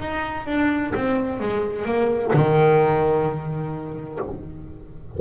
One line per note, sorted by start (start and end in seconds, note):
0.00 0.46 D#4
0.46 0.93 D4
0.95 1.40 C4
1.40 1.85 G#3
1.85 2.32 A#3
2.33 4.19 D#3